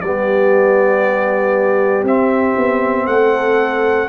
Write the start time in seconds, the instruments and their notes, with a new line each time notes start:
0.00 tuba G3, trombone B3, horn G4, trumpet D5
2.03 tuba C4, trombone C4, trumpet E5
2.56 tuba B3
3.06 tuba A3, horn A4, trumpet F#5